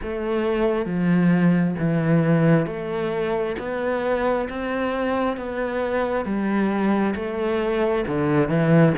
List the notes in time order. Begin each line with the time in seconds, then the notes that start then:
0.02 A3
0.85 F3
1.78 E3
2.66 A3
3.58 B3
4.49 C4
5.36 B3
6.24 G3
7.15 A3
8.07 D3
8.48 E3